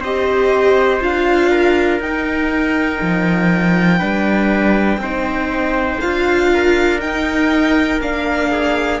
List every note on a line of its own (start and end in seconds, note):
0.00 1.00 C4
0.00 1.00 G4
0.00 1.50 C5
0.00 1.02 D#5
1.00 1.99 D4
1.00 2.00 F4
1.00 2.01 F5
1.50 3.98 A#4
1.99 2.99 D#4
1.99 3.99 D#4
1.99 6.00 G5
3.01 4.01 F3
3.98 4.97 G3
3.98 4.99 D4
3.98 4.98 B4
4.97 5.97 C4
4.97 6.02 D#4
4.97 6.51 C5
6.00 7.04 D4
6.00 6.99 F4
6.00 7.00 F5
6.53 8.51 A#4
6.99 7.99 D#4
6.99 8.00 D#4
6.99 8.00 G5
8.00 9.00 A#3
8.00 9.00 D4
8.00 9.00 F5
8.51 9.00 G#4